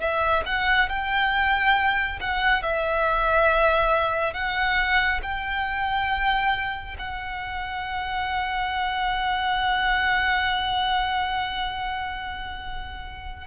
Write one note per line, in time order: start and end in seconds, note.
0.00 0.43 E5
0.46 0.89 F#5
0.89 2.19 G5
2.21 2.62 F#5
2.62 4.34 E5
4.34 5.21 F#5
5.23 6.96 G5
6.98 13.47 F#5